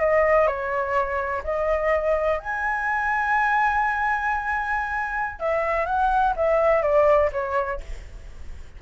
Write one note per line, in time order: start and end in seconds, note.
0.00 0.47 D#5
0.47 1.43 C#5
1.44 2.39 D#5
2.39 5.39 G#5
5.39 5.86 E5
5.86 6.34 F#5
6.36 6.82 E5
6.82 7.30 D5
7.32 7.80 C#5